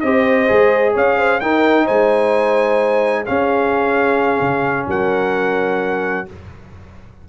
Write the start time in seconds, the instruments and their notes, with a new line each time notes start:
0.00 tuba C4, trombone G4, horn C5, trumpet D#5
0.48 tuba G#3, trombone G#4
0.93 tuba C#4, horn C#5, trumpet F5
1.17 horn C5
1.40 tuba D#4, trombone D#4, horn A#4, trumpet G5
1.84 tuba G#3, horn C5, trumpet G#5
3.25 trombone C#4, tuba C#4, horn G#4, trumpet F5
4.40 tuba C#3
4.87 tuba F#3, horn A#4, trumpet F#5